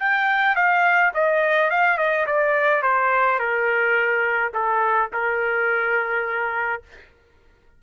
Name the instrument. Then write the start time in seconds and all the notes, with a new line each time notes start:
trumpet
0.00 G5
0.56 F5
1.14 D#5
1.71 F5
1.98 D#5
2.27 D5
2.83 C5
3.40 A#4
4.54 A4
5.13 A#4